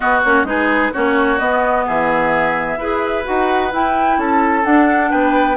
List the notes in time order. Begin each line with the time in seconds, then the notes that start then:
0.00 B3 F#4 D#5
0.23 A#3 C#4 C#5
0.43 G#3 D#4 G#4 B4
0.92 A#3 C#4 F#4 C#5
1.38 B3 D#5
1.86 E3 G#4 E5
2.76 E4 G#4 B4
3.23 D#4 F#4 F#5
3.72 E4 G5
4.17 C#4 A4 A5
4.64 D4 F#5
5.10 B3 B4 G5